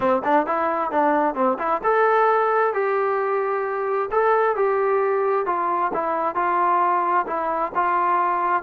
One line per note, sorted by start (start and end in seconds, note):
0.00 0.21 C4
0.24 0.46 D4
0.46 0.91 E4
0.91 1.35 D4
1.35 1.57 C4
1.58 1.81 E4
1.83 2.73 A4
2.73 4.09 G4
4.11 4.56 A4
4.56 5.46 G4
5.46 5.91 F4
5.93 6.35 E4
6.35 7.26 F4
7.26 7.72 E4
7.74 8.63 F4